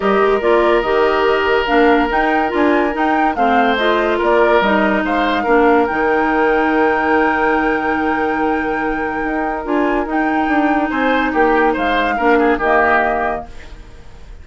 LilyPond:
<<
  \new Staff \with { instrumentName = "flute" } { \time 4/4 \tempo 4 = 143 dis''4 d''4 dis''2 | f''4 g''4 gis''4 g''4 | f''4 dis''4 d''4 dis''4 | f''2 g''2~ |
g''1~ | g''2. gis''4 | g''2 gis''4 g''4 | f''2 dis''2 | }
  \new Staff \with { instrumentName = "oboe" } { \time 4/4 ais'1~ | ais'1 | c''2 ais'2 | c''4 ais'2.~ |
ais'1~ | ais'1~ | ais'2 c''4 g'4 | c''4 ais'8 gis'8 g'2 | }
  \new Staff \with { instrumentName = "clarinet" } { \time 4/4 g'4 f'4 g'2 | d'4 dis'4 f'4 dis'4 | c'4 f'2 dis'4~ | dis'4 d'4 dis'2~ |
dis'1~ | dis'2. f'4 | dis'1~ | dis'4 d'4 ais2 | }
  \new Staff \with { instrumentName = "bassoon" } { \time 4/4 g8 gis8 ais4 dis2 | ais4 dis'4 d'4 dis'4 | a2 ais4 g4 | gis4 ais4 dis2~ |
dis1~ | dis2 dis'4 d'4 | dis'4 d'4 c'4 ais4 | gis4 ais4 dis2 | }
>>